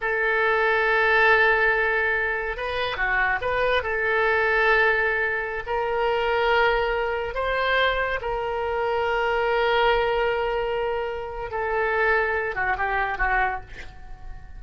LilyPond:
\new Staff \with { instrumentName = "oboe" } { \time 4/4 \tempo 4 = 141 a'1~ | a'2 b'4 fis'4 | b'4 a'2.~ | a'4~ a'16 ais'2~ ais'8.~ |
ais'4~ ais'16 c''2 ais'8.~ | ais'1~ | ais'2. a'4~ | a'4. fis'8 g'4 fis'4 | }